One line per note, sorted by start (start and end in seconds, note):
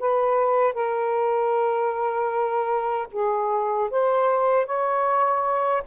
0.00 0.74 B4
0.74 3.08 A#4
3.12 3.90 G#4
3.91 4.66 C5
4.66 5.83 C#5